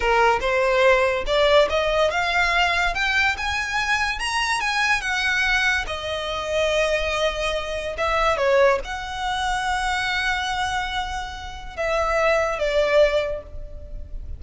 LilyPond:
\new Staff \with { instrumentName = "violin" } { \time 4/4 \tempo 4 = 143 ais'4 c''2 d''4 | dis''4 f''2 g''4 | gis''2 ais''4 gis''4 | fis''2 dis''2~ |
dis''2. e''4 | cis''4 fis''2.~ | fis''1 | e''2 d''2 | }